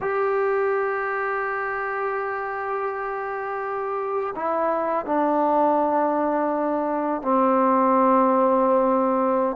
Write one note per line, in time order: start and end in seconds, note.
0.00 4.34 G4
4.35 5.05 E4
5.05 7.22 D4
7.22 9.56 C4